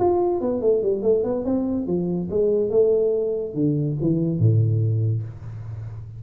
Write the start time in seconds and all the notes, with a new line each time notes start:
0.00 F4
0.41 B3
0.62 A3
0.83 G3
1.03 A3
1.24 B3
1.45 C4
1.87 F3
2.31 G#3
2.71 A3
3.54 D3
4.02 E3
4.40 A2